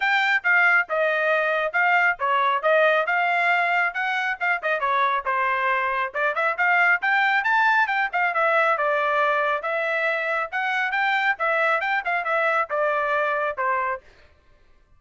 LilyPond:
\new Staff \with { instrumentName = "trumpet" } { \time 4/4 \tempo 4 = 137 g''4 f''4 dis''2 | f''4 cis''4 dis''4 f''4~ | f''4 fis''4 f''8 dis''8 cis''4 | c''2 d''8 e''8 f''4 |
g''4 a''4 g''8 f''8 e''4 | d''2 e''2 | fis''4 g''4 e''4 g''8 f''8 | e''4 d''2 c''4 | }